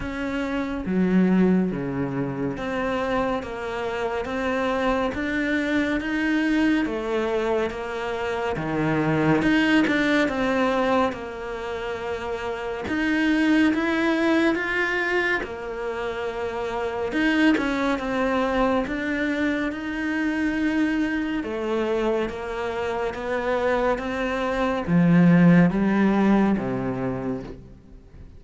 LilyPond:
\new Staff \with { instrumentName = "cello" } { \time 4/4 \tempo 4 = 70 cis'4 fis4 cis4 c'4 | ais4 c'4 d'4 dis'4 | a4 ais4 dis4 dis'8 d'8 | c'4 ais2 dis'4 |
e'4 f'4 ais2 | dis'8 cis'8 c'4 d'4 dis'4~ | dis'4 a4 ais4 b4 | c'4 f4 g4 c4 | }